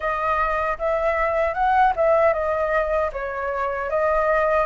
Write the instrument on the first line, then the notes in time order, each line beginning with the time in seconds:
flute
0.00 D#5
0.78 E5
1.54 F#5
1.96 E5
2.33 D#5
3.12 C#5
3.90 D#5